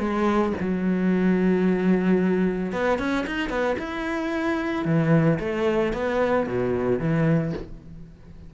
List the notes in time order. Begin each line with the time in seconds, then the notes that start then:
0.00 G#3
0.60 F#3
2.73 B3
2.99 C#4
3.27 D#4
3.50 B3
3.79 E4
4.85 E3
5.40 A3
5.93 B3
6.47 B2
7.00 E3